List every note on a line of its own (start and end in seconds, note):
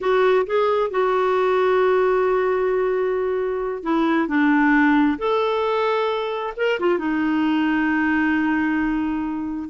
0.00 0.46 F#4
0.46 0.90 G#4
0.90 3.83 F#4
3.83 4.28 E4
4.28 5.18 D4
5.18 6.53 A4
6.56 6.79 A#4
6.79 6.98 F4
6.98 9.69 D#4